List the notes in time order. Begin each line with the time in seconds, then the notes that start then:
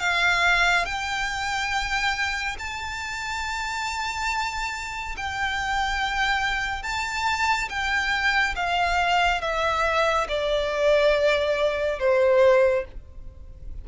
0.00 F5
0.86 G5
2.59 A5
5.17 G5
6.83 A5
7.69 G5
8.56 F5
9.42 E5
10.29 D5
12.00 C5